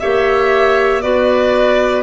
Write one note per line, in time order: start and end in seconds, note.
0.00 1.04 A#3
0.00 1.02 G4
0.00 1.03 C#5
0.00 1.01 E5
1.01 2.03 B3
1.01 2.03 F#4
1.01 2.03 B4
1.01 2.03 D5